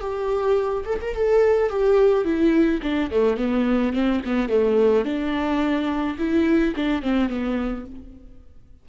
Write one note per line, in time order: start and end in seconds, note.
0.00 0.84 G4
0.85 0.99 A4
1.01 1.15 A#4
1.15 1.69 A4
1.69 2.24 G4
2.24 2.80 E4
2.82 3.10 D4
3.10 3.37 A3
3.37 3.93 B3
3.93 4.21 C4
4.25 4.49 B3
4.49 5.04 A3
5.04 6.17 D4
6.18 6.74 E4
6.76 7.02 D4
7.02 7.29 C4
7.29 7.85 B3